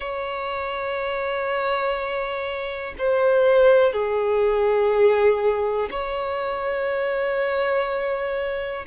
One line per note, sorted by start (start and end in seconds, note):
0.00 2.94 C#5
2.98 3.92 C5
3.92 5.89 G#4
5.91 8.86 C#5